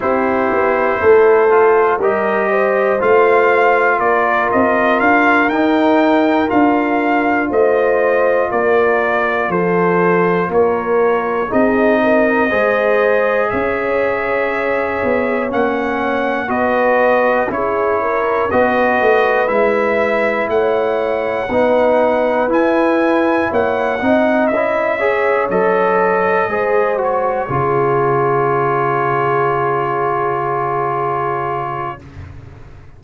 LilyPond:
<<
  \new Staff \with { instrumentName = "trumpet" } { \time 4/4 \tempo 4 = 60 c''2 dis''4 f''4 | d''8 dis''8 f''8 g''4 f''4 dis''8~ | dis''8 d''4 c''4 cis''4 dis''8~ | dis''4. e''2 fis''8~ |
fis''8 dis''4 cis''4 dis''4 e''8~ | e''8 fis''2 gis''4 fis''8~ | fis''8 e''4 dis''4. cis''4~ | cis''1 | }
  \new Staff \with { instrumentName = "horn" } { \time 4/4 g'4 a'4 ais'8 c''4. | ais'2.~ ais'8 c''8~ | c''8 ais'4 a'4 ais'4 gis'8 | ais'8 c''4 cis''2~ cis''8~ |
cis''8 b'4 gis'8 ais'8 b'4.~ | b'8 cis''4 b'2 cis''8 | dis''4 cis''4. c''4 gis'8~ | gis'1 | }
  \new Staff \with { instrumentName = "trombone" } { \time 4/4 e'4. f'8 g'4 f'4~ | f'4. dis'4 f'4.~ | f'2.~ f'8 dis'8~ | dis'8 gis'2. cis'8~ |
cis'8 fis'4 e'4 fis'4 e'8~ | e'4. dis'4 e'4. | dis'8 e'8 gis'8 a'4 gis'8 fis'8 f'8~ | f'1 | }
  \new Staff \with { instrumentName = "tuba" } { \time 4/4 c'8 b8 a4 g4 a4 | ais8 c'8 d'8 dis'4 d'4 a8~ | a8 ais4 f4 ais4 c'8~ | c'8 gis4 cis'4. b8 ais8~ |
ais8 b4 cis'4 b8 a8 gis8~ | gis8 a4 b4 e'4 ais8 | c'8 cis'4 fis4 gis4 cis8~ | cis1 | }
>>